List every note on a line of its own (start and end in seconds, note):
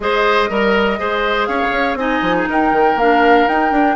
0.00 0.49 G#3
0.00 0.49 G#4
0.00 0.49 C5
0.00 1.46 D#5
0.49 0.99 G3
0.49 0.98 A#4
0.49 0.99 A#4
0.98 1.48 G#3
0.98 1.97 G#4
0.98 1.48 C5
1.46 1.61 C#4
1.46 1.98 C#5
1.46 1.95 F5
1.61 1.71 C#3
1.71 1.94 C#4
1.94 2.19 C4
1.94 2.98 D#4
1.94 2.36 D#5
1.94 2.47 G#5
2.21 2.46 F3
2.36 2.48 G#4
2.49 2.72 D#4
2.49 3.95 A#4
2.49 2.98 G5
2.72 2.95 D#3
2.95 3.44 A#3
2.95 3.49 D4
2.95 3.48 F5
3.47 3.71 D#4
3.47 3.72 D#4
3.47 3.95 G5
3.71 3.95 D4